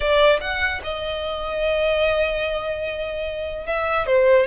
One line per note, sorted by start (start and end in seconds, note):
0.00 0.39 D5
0.40 0.81 F#5
0.83 3.66 D#5
3.66 4.06 E5
4.06 4.46 C5